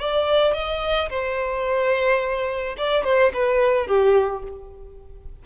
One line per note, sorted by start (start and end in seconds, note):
0.00 0.54 D5
0.54 1.09 D#5
1.10 2.76 C5
2.78 3.04 D5
3.04 3.32 C5
3.34 3.88 B4
3.88 4.43 G4